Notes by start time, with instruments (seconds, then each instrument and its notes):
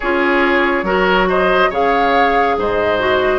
0.00 bassoon C#4, clarinet F4, oboe G#4, flute C#5
0.82 bassoon F#3, clarinet F#4, oboe A#4
1.28 oboe C5, flute D#5
1.69 bassoon C#3, clarinet G#4, oboe C#5, flute F5
2.57 bassoon G#2, oboe C5, flute D#5
2.99 clarinet F#4